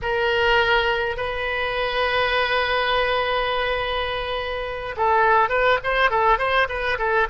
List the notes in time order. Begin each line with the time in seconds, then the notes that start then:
0.02 A#4
1.17 B4
4.96 A4
5.49 B4
5.83 C5
6.10 A4
6.38 C5
6.68 B4
6.98 A4